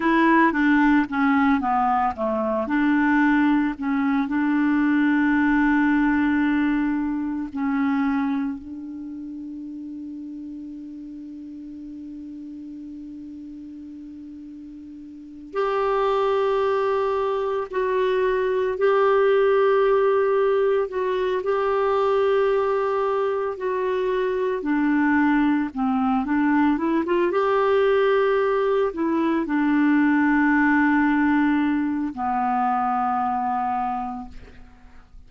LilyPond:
\new Staff \with { instrumentName = "clarinet" } { \time 4/4 \tempo 4 = 56 e'8 d'8 cis'8 b8 a8 d'4 cis'8 | d'2. cis'4 | d'1~ | d'2~ d'8 g'4.~ |
g'8 fis'4 g'2 fis'8 | g'2 fis'4 d'4 | c'8 d'8 e'16 f'16 g'4. e'8 d'8~ | d'2 b2 | }